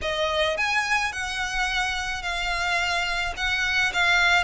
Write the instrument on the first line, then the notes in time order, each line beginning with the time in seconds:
violin
0.02 D#5
0.57 G#5
1.12 F#5
2.22 F5
3.36 F#5
3.93 F5